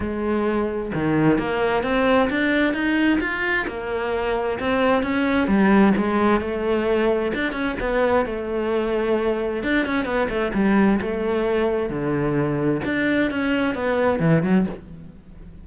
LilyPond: \new Staff \with { instrumentName = "cello" } { \time 4/4 \tempo 4 = 131 gis2 dis4 ais4 | c'4 d'4 dis'4 f'4 | ais2 c'4 cis'4 | g4 gis4 a2 |
d'8 cis'8 b4 a2~ | a4 d'8 cis'8 b8 a8 g4 | a2 d2 | d'4 cis'4 b4 e8 fis8 | }